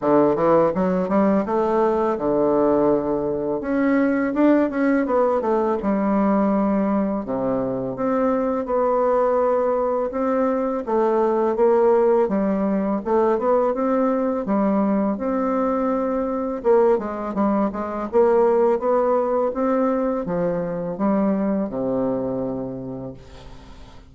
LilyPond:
\new Staff \with { instrumentName = "bassoon" } { \time 4/4 \tempo 4 = 83 d8 e8 fis8 g8 a4 d4~ | d4 cis'4 d'8 cis'8 b8 a8 | g2 c4 c'4 | b2 c'4 a4 |
ais4 g4 a8 b8 c'4 | g4 c'2 ais8 gis8 | g8 gis8 ais4 b4 c'4 | f4 g4 c2 | }